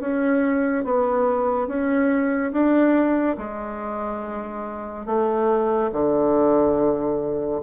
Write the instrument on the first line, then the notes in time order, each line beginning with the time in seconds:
bassoon
0.00 C#4
0.84 B3
1.67 C#4
2.52 D4
3.38 G#3
5.06 A3
5.92 D3